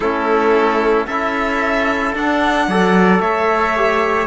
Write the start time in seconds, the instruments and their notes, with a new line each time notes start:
0.00 cello A3, trombone C#4, trumpet E4, violin A4
1.06 cello C#4, trombone E4, trumpet A4, violin E5
2.14 cello D4, trombone D4, violin F#5
2.68 cello F#3, trombone A4, trumpet D5
3.19 cello A3, trumpet C#5, violin E5
3.76 trombone G4